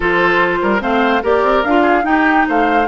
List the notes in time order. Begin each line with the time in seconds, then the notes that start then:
0.00 F3 F4 A4 C5
0.61 G3 A#4
0.80 A3 C4 C5 F5
1.22 A#3 G4 A#4 D5
1.43 C4
1.63 D4 F4 F5
1.82 G#4
2.02 D#4 G4 G5
2.48 A3 C5 F5